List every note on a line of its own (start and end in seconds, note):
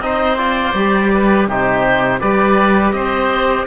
0.00 0.73 C4
0.00 0.38 D#4
0.00 1.14 C5
0.00 0.38 D#5
0.38 0.75 F4
0.38 1.48 D5
0.74 1.48 G3
0.74 1.49 G4
1.14 1.49 B4
1.48 2.21 C3
1.48 2.21 D#4
1.48 2.21 G4
1.48 2.21 C5
2.21 2.93 G3
2.21 3.67 G4
2.21 2.94 B4
2.21 2.92 D5
2.92 3.66 C4
2.92 3.68 C5
2.92 3.66 D#5